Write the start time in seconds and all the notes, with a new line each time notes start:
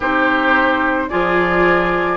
0.00 C4 D#4 G4 C5
1.09 F3 F4 G#4 D5